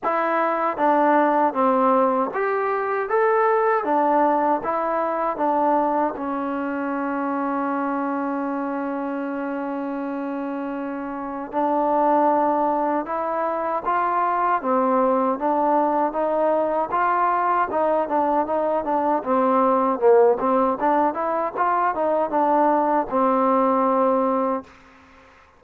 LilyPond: \new Staff \with { instrumentName = "trombone" } { \time 4/4 \tempo 4 = 78 e'4 d'4 c'4 g'4 | a'4 d'4 e'4 d'4 | cis'1~ | cis'2. d'4~ |
d'4 e'4 f'4 c'4 | d'4 dis'4 f'4 dis'8 d'8 | dis'8 d'8 c'4 ais8 c'8 d'8 e'8 | f'8 dis'8 d'4 c'2 | }